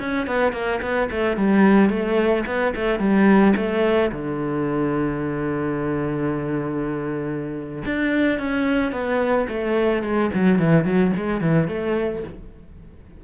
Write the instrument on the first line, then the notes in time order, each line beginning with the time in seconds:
cello
0.00 C#4
0.27 B3
0.53 A#3
0.82 B3
1.11 A3
1.37 G3
1.90 A3
2.46 B3
2.76 A3
2.99 G3
3.56 A3
4.12 D3
7.85 D4
8.39 C#4
8.92 B3
9.49 A3
10.03 G#3
10.34 F#3
10.59 E3
10.85 F#3
11.17 G#3
11.41 E3
11.68 A3